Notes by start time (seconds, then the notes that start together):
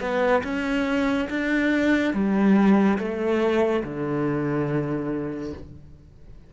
0.00 B3
0.43 C#4
1.29 D4
2.13 G3
2.98 A3
3.84 D3